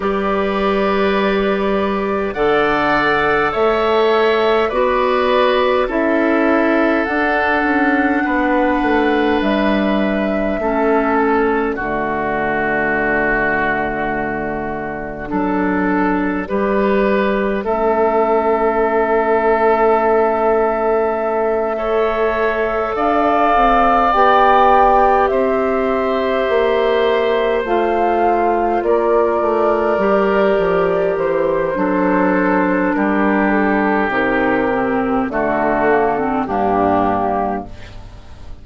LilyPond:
<<
  \new Staff \with { instrumentName = "flute" } { \time 4/4 \tempo 4 = 51 d''2 fis''4 e''4 | d''4 e''4 fis''2 | e''4. d''2~ d''8~ | d''2. e''4~ |
e''2.~ e''8 f''8~ | f''8 g''4 e''2 f''8~ | f''8 d''2 c''4. | ais'8 a'8 ais'4 a'4 g'4 | }
  \new Staff \with { instrumentName = "oboe" } { \time 4/4 b'2 d''4 cis''4 | b'4 a'2 b'4~ | b'4 a'4 fis'2~ | fis'4 a'4 b'4 a'4~ |
a'2~ a'8 cis''4 d''8~ | d''4. c''2~ c''8~ | c''8 ais'2~ ais'8 a'4 | g'2 fis'4 d'4 | }
  \new Staff \with { instrumentName = "clarinet" } { \time 4/4 g'2 a'2 | fis'4 e'4 d'2~ | d'4 cis'4 a2~ | a4 d'4 g'4 cis'4~ |
cis'2~ cis'8 a'4.~ | a'8 g'2. f'8~ | f'4. g'4. d'4~ | d'4 dis'8 c'8 a8 ais16 c'16 ais4 | }
  \new Staff \with { instrumentName = "bassoon" } { \time 4/4 g2 d4 a4 | b4 cis'4 d'8 cis'8 b8 a8 | g4 a4 d2~ | d4 fis4 g4 a4~ |
a2.~ a8 d'8 | c'8 b4 c'4 ais4 a8~ | a8 ais8 a8 g8 f8 e8 fis4 | g4 c4 d4 g,4 | }
>>